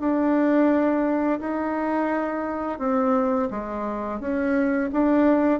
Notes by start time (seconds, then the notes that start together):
0.00 D4
1.40 D#4
2.79 C4
3.50 G#3
4.20 C#4
4.92 D4